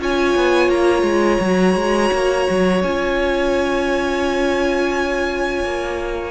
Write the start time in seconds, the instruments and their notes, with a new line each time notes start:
0.00 cello C#4, viola F4, violin C#5 G#5
0.36 cello B3
0.69 cello A#3, violin A#5
1.03 cello G#3
1.41 cello F#3, viola F#4
1.76 cello G#3
2.12 cello A#3
2.50 cello F#3
2.83 cello C#4, viola F4, violin G#5
5.65 cello A#3